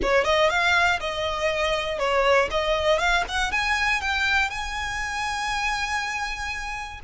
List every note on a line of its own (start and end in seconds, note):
0.01 0.24 C#5
0.24 0.49 D#5
0.49 0.99 F5
1.00 1.99 D#5
1.99 2.49 C#5
2.50 2.98 D#5
2.98 3.23 F5
3.28 3.51 F#5
3.51 4.01 G#5
4.01 4.50 G5
4.50 7.00 G#5